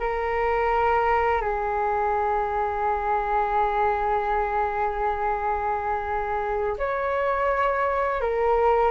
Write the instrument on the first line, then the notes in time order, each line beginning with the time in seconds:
flute
0.00 A#4
1.42 G#4
6.79 C#5
8.21 A#4